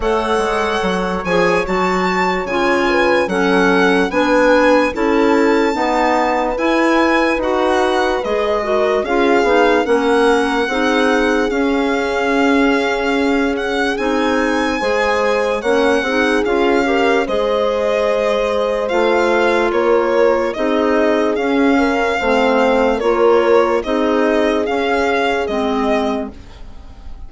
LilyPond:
<<
  \new Staff \with { instrumentName = "violin" } { \time 4/4 \tempo 4 = 73 fis''4. gis''8 a''4 gis''4 | fis''4 gis''4 a''2 | gis''4 fis''4 dis''4 f''4 | fis''2 f''2~ |
f''8 fis''8 gis''2 fis''4 | f''4 dis''2 f''4 | cis''4 dis''4 f''2 | cis''4 dis''4 f''4 dis''4 | }
  \new Staff \with { instrumentName = "horn" } { \time 4/4 cis''2.~ cis''8 b'8 | a'4 b'4 a'4 b'4~ | b'2~ b'8 ais'8 gis'4 | ais'4 gis'2.~ |
gis'2 c''4 cis''8 gis'8~ | gis'8 ais'8 c''2. | ais'4 gis'4. ais'8 c''4 | ais'4 gis'2. | }
  \new Staff \with { instrumentName = "clarinet" } { \time 4/4 a'4. gis'8 fis'4 f'4 | cis'4 d'4 e'4 b4 | e'4 fis'4 gis'8 fis'8 f'8 dis'8 | cis'4 dis'4 cis'2~ |
cis'4 dis'4 gis'4 cis'8 dis'8 | f'8 g'8 gis'2 f'4~ | f'4 dis'4 cis'4 c'4 | f'4 dis'4 cis'4 c'4 | }
  \new Staff \with { instrumentName = "bassoon" } { \time 4/4 a8 gis8 fis8 f8 fis4 cis4 | fis4 b4 cis'4 dis'4 | e'4 dis'4 gis4 cis'8 b8 | ais4 c'4 cis'2~ |
cis'4 c'4 gis4 ais8 c'8 | cis'4 gis2 a4 | ais4 c'4 cis'4 a4 | ais4 c'4 cis'4 gis4 | }
>>